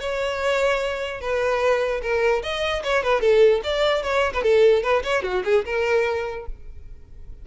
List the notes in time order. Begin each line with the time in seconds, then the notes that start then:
0.00 C#5
1.21 B4
2.02 A#4
2.43 D#5
2.84 C#5
3.03 B4
3.21 A4
3.63 D5
4.02 C#5
4.33 B4
4.43 A4
4.82 B4
5.04 C#5
5.23 F#4
5.44 G#4
5.65 A#4